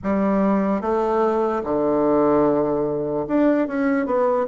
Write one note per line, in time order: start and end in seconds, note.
0.03 0.81 G3
0.81 1.62 A3
1.64 3.26 D3
3.27 3.67 D4
3.67 4.05 C#4
4.05 4.46 B3